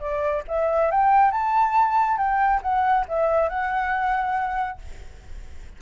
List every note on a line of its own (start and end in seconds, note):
0.00 0.43 D5
0.48 0.91 E5
0.91 1.32 G5
1.32 2.18 A5
2.18 2.61 G5
2.62 3.05 F#5
3.08 3.49 E5
3.49 4.79 F#5